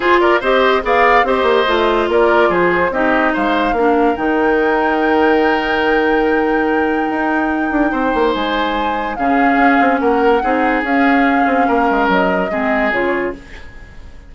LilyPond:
<<
  \new Staff \with { instrumentName = "flute" } { \time 4/4 \tempo 4 = 144 c''8 d''8 dis''4 f''4 dis''4~ | dis''4 d''4 c''4 dis''4 | f''2 g''2~ | g''1~ |
g''1 | gis''2 f''2 | fis''2 f''2~ | f''4 dis''2 cis''4 | }
  \new Staff \with { instrumentName = "oboe" } { \time 4/4 gis'8 ais'8 c''4 d''4 c''4~ | c''4 ais'4 gis'4 g'4 | c''4 ais'2.~ | ais'1~ |
ais'2. c''4~ | c''2 gis'2 | ais'4 gis'2. | ais'2 gis'2 | }
  \new Staff \with { instrumentName = "clarinet" } { \time 4/4 f'4 g'4 gis'4 g'4 | f'2. dis'4~ | dis'4 d'4 dis'2~ | dis'1~ |
dis'1~ | dis'2 cis'2~ | cis'4 dis'4 cis'2~ | cis'2 c'4 f'4 | }
  \new Staff \with { instrumentName = "bassoon" } { \time 4/4 f'4 c'4 b4 c'8 ais8 | a4 ais4 f4 c'4 | gis4 ais4 dis2~ | dis1~ |
dis4 dis'4. d'8 c'8 ais8 | gis2 cis4 cis'8 c'8 | ais4 c'4 cis'4. c'8 | ais8 gis8 fis4 gis4 cis4 | }
>>